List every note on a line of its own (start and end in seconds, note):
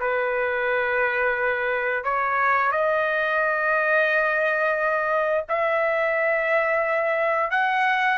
0.00 2.04 B4
2.04 2.71 C#5
2.71 5.44 D#5
5.49 7.51 E5
7.51 8.18 F#5